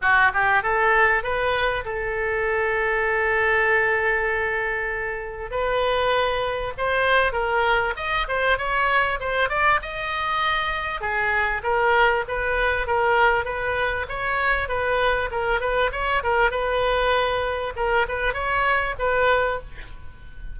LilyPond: \new Staff \with { instrumentName = "oboe" } { \time 4/4 \tempo 4 = 98 fis'8 g'8 a'4 b'4 a'4~ | a'1~ | a'4 b'2 c''4 | ais'4 dis''8 c''8 cis''4 c''8 d''8 |
dis''2 gis'4 ais'4 | b'4 ais'4 b'4 cis''4 | b'4 ais'8 b'8 cis''8 ais'8 b'4~ | b'4 ais'8 b'8 cis''4 b'4 | }